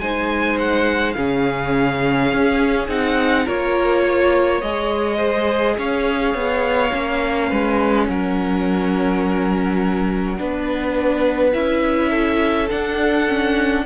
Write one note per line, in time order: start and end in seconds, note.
0.00 1.15 G#3
0.00 1.16 D#4
0.00 1.17 C5
0.00 0.58 G#5
0.60 1.13 F#5
1.13 2.33 C#3
1.13 2.89 C#4
1.13 3.45 G#4
1.13 2.86 F5
2.33 2.88 C#4
2.88 3.46 C4
2.88 3.46 D#4
2.88 3.48 F#5
3.45 4.62 A#3
3.45 4.62 F4
3.45 4.03 A#4
3.45 4.62 C#5
4.05 5.18 C#5
4.62 5.78 G#3
4.62 6.91 G#4
4.62 5.77 D#5
5.18 5.75 C5
5.79 6.35 C#4
5.79 7.49 C#5
5.79 8.08 F5
6.35 6.92 B3
6.91 7.52 A#3
6.91 10.37 C#4
7.49 8.09 G#3
7.49 8.07 B4
8.08 10.39 F#3
8.08 10.40 A#4
8.08 11.53 F#5
10.37 11.55 B3
10.37 11.53 D4
10.37 12.11 B4
11.53 12.70 C#4
11.53 12.69 E4
11.53 12.69 E5
12.11 13.84 A4
12.71 13.28 D4
12.71 13.86 D4
12.71 13.86 F#5
13.28 13.86 C#4